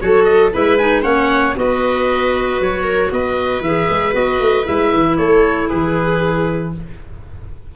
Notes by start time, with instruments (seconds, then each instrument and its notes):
0.00 tuba F#3, clarinet F#4, viola A4, oboe C#5
0.24 oboe D#5
0.52 tuba G#3, clarinet E4, viola B4, oboe E5
0.78 clarinet D#4, oboe G#5
1.02 tuba A#3, clarinet C#4, viola C#5, oboe F#5
1.56 tuba B3, clarinet F#4, viola B4, oboe D#5
2.61 tuba F#3, oboe C#5
2.83 viola A#4
3.12 tuba B3, viola B4, oboe D#5
3.61 tuba E3, clarinet G#4, oboe E5
3.90 tuba G#3
4.12 tuba B3, clarinet F#4, oboe D#5
4.40 tuba A3
4.65 tuba G#3, clarinet E4, oboe E5
4.94 tuba E3
5.17 tuba A3, viola A4, oboe C#5
5.69 tuba E3, viola G#4, oboe B4